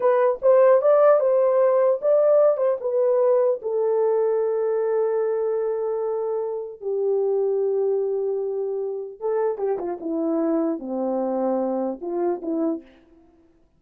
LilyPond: \new Staff \with { instrumentName = "horn" } { \time 4/4 \tempo 4 = 150 b'4 c''4 d''4 c''4~ | c''4 d''4. c''8 b'4~ | b'4 a'2.~ | a'1~ |
a'4 g'2.~ | g'2. a'4 | g'8 f'8 e'2 c'4~ | c'2 f'4 e'4 | }